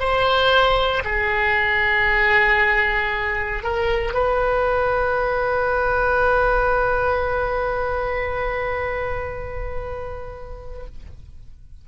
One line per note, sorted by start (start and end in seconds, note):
0.00 1.03 C5
1.05 3.63 G#4
3.63 4.14 A#4
4.14 10.87 B4